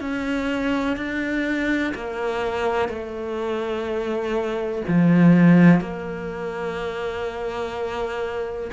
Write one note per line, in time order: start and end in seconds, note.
0.00 0.96 C#4
0.96 1.93 D4
1.94 2.88 A#3
2.88 4.82 A3
4.87 5.80 F3
5.80 8.71 A#3